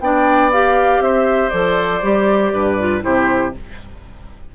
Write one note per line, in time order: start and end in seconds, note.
0.00 1.00 B3
0.00 0.52 D4
0.00 1.04 D5
0.00 0.52 G5
0.52 1.52 G4
0.52 1.03 F5
1.00 1.50 C4
1.00 2.53 C5
1.00 1.50 E5
1.50 2.03 F3
1.50 2.03 A4
1.50 3.01 D5
2.03 2.53 G3
2.03 2.78 G4
2.53 3.03 G2
2.53 3.04 B4
2.79 3.01 F4
3.01 3.56 C3
3.01 3.52 E4
3.01 3.55 G4
3.01 3.54 C5